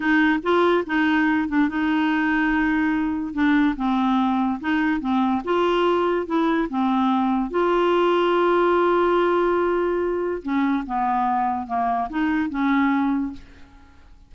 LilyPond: \new Staff \with { instrumentName = "clarinet" } { \time 4/4 \tempo 4 = 144 dis'4 f'4 dis'4. d'8 | dis'1 | d'4 c'2 dis'4 | c'4 f'2 e'4 |
c'2 f'2~ | f'1~ | f'4 cis'4 b2 | ais4 dis'4 cis'2 | }